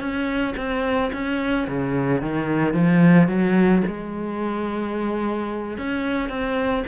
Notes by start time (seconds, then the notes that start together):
0.00 C#4
0.57 C4
1.13 C#4
1.68 C#3
2.22 D#3
2.74 F3
3.28 F#3
3.87 G#3
5.78 C#4
6.29 C4